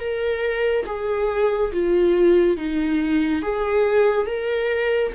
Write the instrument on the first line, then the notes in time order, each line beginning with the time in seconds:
viola
0.00 A#4
0.86 G#4
1.72 F4
2.58 D#4
3.42 G#4
4.27 A#4